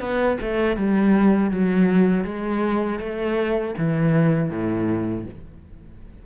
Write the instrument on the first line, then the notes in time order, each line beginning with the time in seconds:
cello
0.00 B3
0.41 A3
0.77 G3
1.51 F#3
2.24 G#3
2.99 A3
3.78 E3
4.50 A2